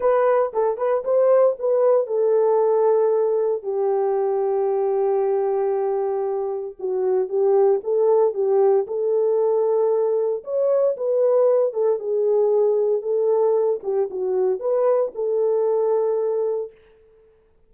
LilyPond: \new Staff \with { instrumentName = "horn" } { \time 4/4 \tempo 4 = 115 b'4 a'8 b'8 c''4 b'4 | a'2. g'4~ | g'1~ | g'4 fis'4 g'4 a'4 |
g'4 a'2. | cis''4 b'4. a'8 gis'4~ | gis'4 a'4. g'8 fis'4 | b'4 a'2. | }